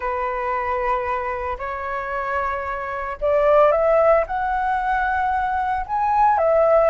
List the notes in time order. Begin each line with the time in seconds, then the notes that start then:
0.00 B4
1.58 C#5
3.20 D5
3.71 E5
4.26 F#5
5.86 G#5
6.37 E5